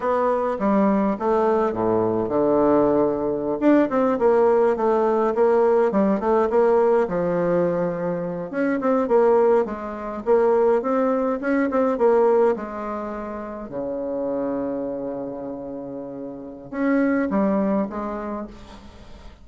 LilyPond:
\new Staff \with { instrumentName = "bassoon" } { \time 4/4 \tempo 4 = 104 b4 g4 a4 a,4 | d2~ d16 d'8 c'8 ais8.~ | ais16 a4 ais4 g8 a8 ais8.~ | ais16 f2~ f8 cis'8 c'8 ais16~ |
ais8. gis4 ais4 c'4 cis'16~ | cis'16 c'8 ais4 gis2 cis16~ | cis1~ | cis4 cis'4 g4 gis4 | }